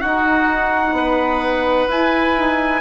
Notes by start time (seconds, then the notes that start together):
0.00 D#4 F#4 F#5
0.92 B3 B4
1.88 E4 G#5
2.36 D#4